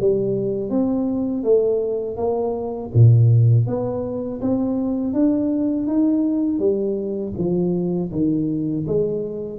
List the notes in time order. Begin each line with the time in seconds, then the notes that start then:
0.00 G3
0.70 C4
1.43 A3
2.16 A#3
2.94 A#2
3.67 B3
4.41 C4
5.13 D4
5.87 D#4
6.59 G3
7.37 F3
8.12 D#3
8.87 G#3